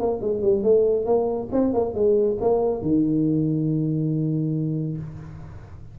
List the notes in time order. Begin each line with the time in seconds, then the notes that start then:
0.00 A#3
0.21 G#3
0.42 G3
0.63 A3
1.06 A#3
1.52 C4
1.74 A#3
1.94 G#3
2.41 A#3
2.82 D#3